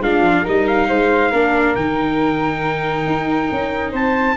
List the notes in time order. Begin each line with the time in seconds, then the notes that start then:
0.00 G#3 D4 F4 F5
0.20 F3
0.43 G3 D#4 A#4 D#5
0.67 F5
0.89 G#3 C5
1.30 A#3 D4 A#4
1.75 D#3 D#4 G5
3.06 D#4
3.51 C#4
3.91 C4 C5 A5